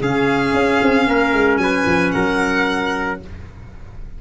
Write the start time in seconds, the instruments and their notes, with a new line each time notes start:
0.00 tuba C#3, clarinet C#4, trumpet G#4, violin F5
0.53 tuba C#4
0.82 tuba C4
1.07 tuba A#3, trumpet A#4
1.33 tuba G#3
1.57 tuba F#3, trumpet B4, violin G#5
1.86 tuba F3
2.11 tuba F#3, trumpet A#4, violin F#5